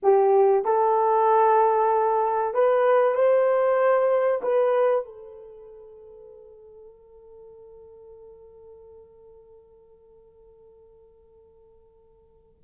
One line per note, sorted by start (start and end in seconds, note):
0.02 0.64 G4
0.64 2.53 A4
2.53 3.14 B4
3.14 4.41 C5
4.42 5.04 B4
5.04 12.62 A4